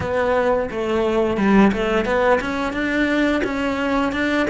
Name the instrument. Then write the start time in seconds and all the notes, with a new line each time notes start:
cello
0.00 B3
0.70 A3
1.37 G3
1.72 A3
2.05 B3
2.40 C#4
2.72 D4
3.44 C#4
4.12 D4